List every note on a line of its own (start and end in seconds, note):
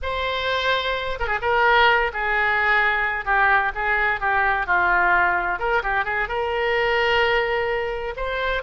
0.02 1.18 C5
1.19 1.27 A#4
1.27 1.38 G#4
1.41 2.11 A#4
2.13 3.25 G#4
3.25 3.71 G4
3.74 4.20 G#4
4.20 4.66 G4
4.66 5.59 F4
5.59 5.82 A#4
5.82 6.05 G4
6.05 6.28 G#4
6.28 8.14 A#4
8.16 8.62 C5